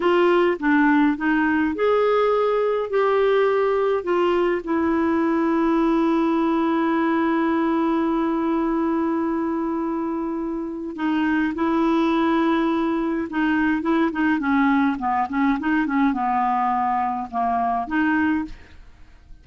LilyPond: \new Staff \with { instrumentName = "clarinet" } { \time 4/4 \tempo 4 = 104 f'4 d'4 dis'4 gis'4~ | gis'4 g'2 f'4 | e'1~ | e'1~ |
e'2. dis'4 | e'2. dis'4 | e'8 dis'8 cis'4 b8 cis'8 dis'8 cis'8 | b2 ais4 dis'4 | }